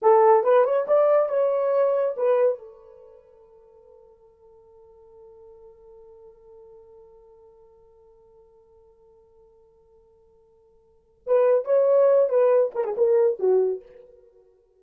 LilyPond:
\new Staff \with { instrumentName = "horn" } { \time 4/4 \tempo 4 = 139 a'4 b'8 cis''8 d''4 cis''4~ | cis''4 b'4 a'2~ | a'1~ | a'1~ |
a'1~ | a'1~ | a'2 b'4 cis''4~ | cis''8 b'4 ais'16 gis'16 ais'4 fis'4 | }